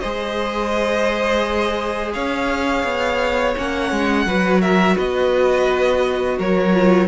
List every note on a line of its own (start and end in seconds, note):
0.00 2.16 G#3
0.00 3.56 G#4
0.00 2.13 C5
0.00 2.12 D#5
2.14 2.84 C#4
2.14 4.26 C#5
2.14 3.55 F5
2.84 3.55 B3
3.58 3.92 A#3
3.58 4.27 C#4
3.58 4.62 F#5
3.92 4.26 G#3
4.26 4.97 F#3
4.26 6.74 F#4
4.26 4.62 B4
4.62 4.96 A#4
4.62 4.97 E5
4.96 6.40 B3
4.96 6.37 B4
4.96 6.40 D#5
6.39 7.08 F#3
6.39 7.08 A#4
6.39 7.08 C#5
6.74 7.08 F4